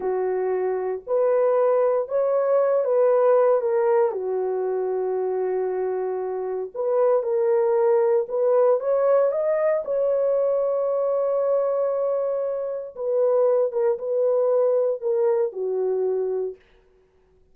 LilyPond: \new Staff \with { instrumentName = "horn" } { \time 4/4 \tempo 4 = 116 fis'2 b'2 | cis''4. b'4. ais'4 | fis'1~ | fis'4 b'4 ais'2 |
b'4 cis''4 dis''4 cis''4~ | cis''1~ | cis''4 b'4. ais'8 b'4~ | b'4 ais'4 fis'2 | }